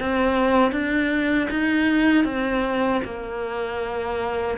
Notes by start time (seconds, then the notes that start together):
0.00 C4
0.72 D4
1.51 D#4
2.25 C4
3.05 A#3